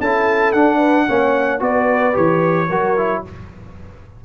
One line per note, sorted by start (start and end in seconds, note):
0.00 0.54 C#4
0.00 0.55 E4
0.00 0.77 A4
0.00 0.52 A5
0.52 1.08 D4
0.52 1.60 F#5
0.77 1.04 B4
1.08 1.60 A#3
1.08 1.59 C#4
1.08 1.62 C#5
1.59 2.15 B3
1.59 2.13 F#4
1.59 2.69 B4
1.59 2.16 D5
2.13 2.69 E3
2.13 2.67 G4
2.13 3.24 C#5
2.69 3.23 F#3
2.69 2.98 F#4
2.69 3.23 A#4
2.98 3.25 E4